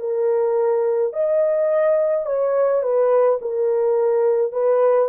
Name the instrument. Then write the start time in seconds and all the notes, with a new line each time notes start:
horn
0.00 A#4
1.13 D#5
2.26 C#5
2.83 B4
3.41 A#4
4.52 B4